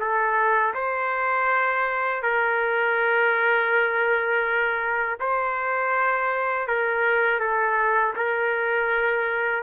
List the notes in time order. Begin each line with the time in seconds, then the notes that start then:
0.00 A4
0.74 C5
2.23 A#4
5.20 C5
6.67 A#4
7.40 A4
8.16 A#4